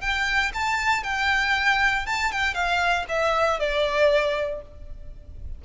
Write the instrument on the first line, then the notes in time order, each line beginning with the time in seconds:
violin
0.00 G5
0.53 A5
1.03 G5
2.06 A5
2.31 G5
2.54 F5
3.08 E5
3.59 D5